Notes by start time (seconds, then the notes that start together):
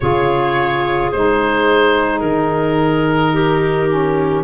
0.00 C#3 F4 G#4 C#5
1.11 G#3 D#4 C5
2.19 D#3 A#4
3.33 G4
3.88 C#4